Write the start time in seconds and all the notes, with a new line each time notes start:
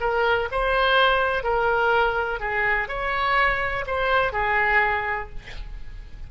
0.00 A#4
0.51 C5
1.43 A#4
2.40 G#4
2.88 C#5
3.86 C5
4.32 G#4